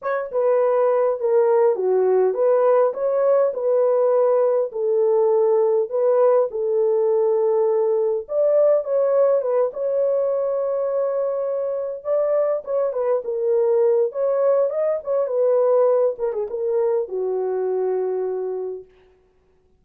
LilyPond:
\new Staff \with { instrumentName = "horn" } { \time 4/4 \tempo 4 = 102 cis''8 b'4. ais'4 fis'4 | b'4 cis''4 b'2 | a'2 b'4 a'4~ | a'2 d''4 cis''4 |
b'8 cis''2.~ cis''8~ | cis''8 d''4 cis''8 b'8 ais'4. | cis''4 dis''8 cis''8 b'4. ais'16 gis'16 | ais'4 fis'2. | }